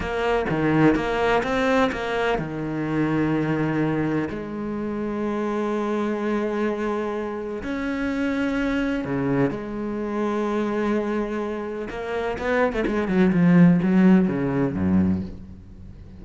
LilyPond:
\new Staff \with { instrumentName = "cello" } { \time 4/4 \tempo 4 = 126 ais4 dis4 ais4 c'4 | ais4 dis2.~ | dis4 gis2.~ | gis1 |
cis'2. cis4 | gis1~ | gis4 ais4 b8. a16 gis8 fis8 | f4 fis4 cis4 fis,4 | }